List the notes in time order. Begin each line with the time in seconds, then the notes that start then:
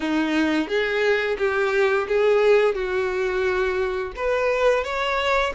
0.00 D#4
0.67 G#4
1.38 G4
2.08 G#4
2.74 F#4
4.16 B4
4.83 C#5